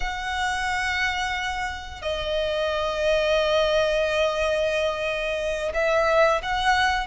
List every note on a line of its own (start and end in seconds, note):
0.00 2.01 F#5
2.01 5.72 D#5
5.74 6.41 E5
6.42 7.06 F#5